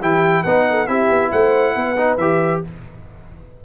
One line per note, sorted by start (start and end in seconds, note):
0.00 0.45 E3
0.00 0.45 E4
0.00 0.43 G4
0.00 0.43 G5
0.43 0.88 B3
0.43 0.87 D#4
0.43 0.65 B4
0.43 0.86 F#5
0.69 0.88 A4
0.86 1.09 C4
0.86 1.96 E4
0.86 1.31 G4
0.86 1.30 E5
1.09 1.31 B3
1.31 1.75 A3
1.31 1.75 C5
1.31 2.17 F#5
1.75 2.18 B3
1.75 2.63 B4
1.97 2.18 D#4
2.17 2.61 E3
2.17 2.64 G4
2.17 2.60 E5